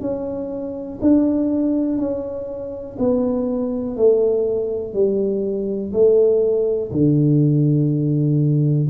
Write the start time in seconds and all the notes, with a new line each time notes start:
0.00 C#4
1.01 D4
1.98 C#4
2.98 B3
3.96 A3
4.93 G3
5.93 A3
6.91 D3